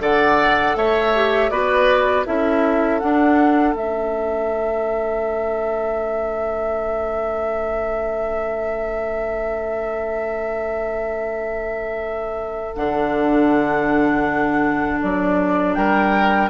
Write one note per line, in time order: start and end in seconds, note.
0.00 0.75 D3
0.00 1.13 A4
0.00 0.77 D5
0.00 0.77 F#5
0.76 1.51 A3
0.76 1.51 C#5
0.76 1.50 E5
1.15 1.51 G4
1.50 2.26 B3
1.50 2.26 F#4
1.50 2.26 B4
1.50 2.25 D5
2.26 3.02 C#4
2.26 3.01 E4
2.26 15.77 A4
2.26 2.99 E5
2.99 3.75 D4
2.99 3.74 D4
2.99 3.74 F#5
3.74 12.74 A3
3.74 12.75 C#4
3.74 12.75 E5
12.75 15.02 D3
12.75 16.50 D4
12.75 15.00 F#5
15.02 15.77 F#3
15.02 15.74 D5
15.74 16.50 G3
15.74 16.50 A#4
15.74 16.49 G5